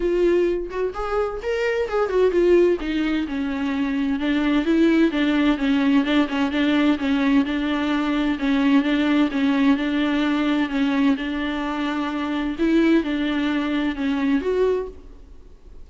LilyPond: \new Staff \with { instrumentName = "viola" } { \time 4/4 \tempo 4 = 129 f'4. fis'8 gis'4 ais'4 | gis'8 fis'8 f'4 dis'4 cis'4~ | cis'4 d'4 e'4 d'4 | cis'4 d'8 cis'8 d'4 cis'4 |
d'2 cis'4 d'4 | cis'4 d'2 cis'4 | d'2. e'4 | d'2 cis'4 fis'4 | }